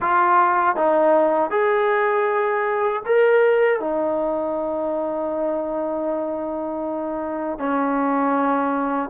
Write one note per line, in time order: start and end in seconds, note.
0.00 0.76 F4
0.76 1.50 D#4
1.50 3.02 G#4
3.05 3.79 A#4
3.79 7.58 D#4
7.58 9.09 C#4